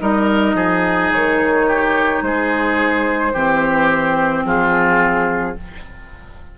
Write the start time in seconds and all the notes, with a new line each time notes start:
0.00 G3 D#4 A#4 D#5
0.54 F3 G#4
1.12 D#3 C#5
1.67 G4
2.22 G#3 G#4 C5
3.33 E3 C4 G4
4.44 F3 F4 G#4